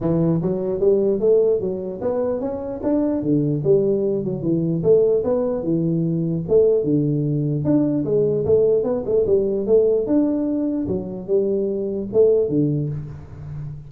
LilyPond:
\new Staff \with { instrumentName = "tuba" } { \time 4/4 \tempo 4 = 149 e4 fis4 g4 a4 | fis4 b4 cis'4 d'4 | d4 g4. fis8 e4 | a4 b4 e2 |
a4 d2 d'4 | gis4 a4 b8 a8 g4 | a4 d'2 fis4 | g2 a4 d4 | }